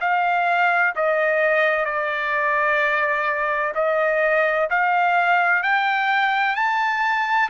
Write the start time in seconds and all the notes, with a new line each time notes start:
0.00 F5
0.95 D#5
1.85 D5
3.75 D#5
4.70 F5
5.62 G5
6.55 A5